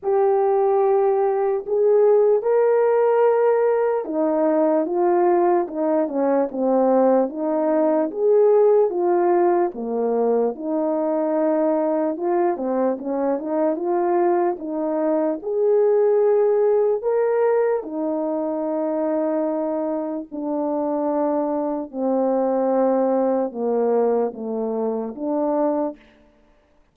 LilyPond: \new Staff \with { instrumentName = "horn" } { \time 4/4 \tempo 4 = 74 g'2 gis'4 ais'4~ | ais'4 dis'4 f'4 dis'8 cis'8 | c'4 dis'4 gis'4 f'4 | ais4 dis'2 f'8 c'8 |
cis'8 dis'8 f'4 dis'4 gis'4~ | gis'4 ais'4 dis'2~ | dis'4 d'2 c'4~ | c'4 ais4 a4 d'4 | }